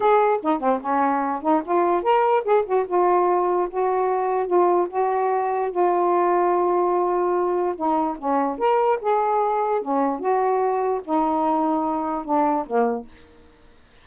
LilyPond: \new Staff \with { instrumentName = "saxophone" } { \time 4/4 \tempo 4 = 147 gis'4 dis'8 c'8 cis'4. dis'8 | f'4 ais'4 gis'8 fis'8 f'4~ | f'4 fis'2 f'4 | fis'2 f'2~ |
f'2. dis'4 | cis'4 ais'4 gis'2 | cis'4 fis'2 dis'4~ | dis'2 d'4 ais4 | }